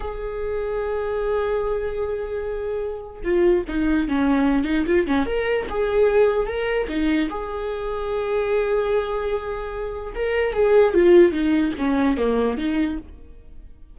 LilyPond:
\new Staff \with { instrumentName = "viola" } { \time 4/4 \tempo 4 = 148 gis'1~ | gis'1 | f'4 dis'4 cis'4. dis'8 | f'8 cis'8 ais'4 gis'2 |
ais'4 dis'4 gis'2~ | gis'1~ | gis'4 ais'4 gis'4 f'4 | dis'4 cis'4 ais4 dis'4 | }